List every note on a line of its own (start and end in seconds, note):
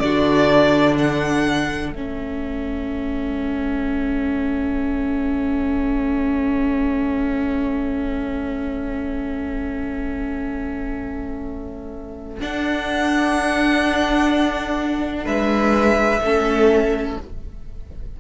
0.00 1.91 D3
0.00 1.95 D4
0.00 0.97 F#4
0.00 0.95 D5
0.97 15.26 A4
0.97 1.93 F#5
1.91 12.39 A3
1.91 12.40 C#4
1.91 12.41 E5
12.40 16.21 D4
12.40 15.26 D4
12.40 15.26 F#5
15.26 16.21 G#3
15.26 16.21 B4
15.26 17.17 E5
16.22 17.17 A3
16.22 17.19 C#4
16.22 17.21 A4